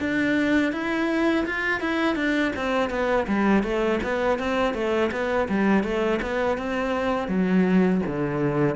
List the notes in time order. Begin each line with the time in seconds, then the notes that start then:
0.00 D4
0.73 E4
1.46 F4
1.81 E4
2.16 D4
2.56 C4
2.90 B3
3.28 G3
3.63 A3
4.03 B3
4.39 C4
4.74 A3
5.12 B3
5.49 G3
5.84 A3
6.22 B3
6.58 C4
7.28 F#3
8.07 D3